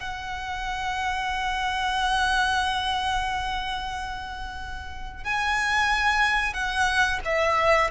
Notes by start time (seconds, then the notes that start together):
0.00 F#5
5.24 G#5
6.54 F#5
7.25 E5